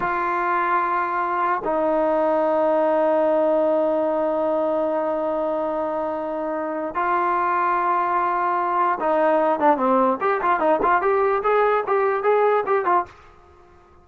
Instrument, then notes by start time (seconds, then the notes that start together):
trombone
0.00 F4
1.64 D#4
6.94 F4
9.00 D#4
9.59 D4
9.77 C4
10.20 G4
10.42 F4
10.59 D#4
10.82 F4
11.01 G4
11.43 G#4
11.86 G4
12.23 G#4
12.66 G4
12.85 F4